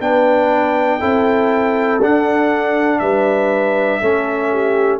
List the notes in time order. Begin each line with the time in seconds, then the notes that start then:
0.00 B3 D4 B4 G5
1.00 C4 E4 A4
1.99 D4 F#5
2.99 G3 B4 E5
4.01 A3 C#4 A4
4.52 G4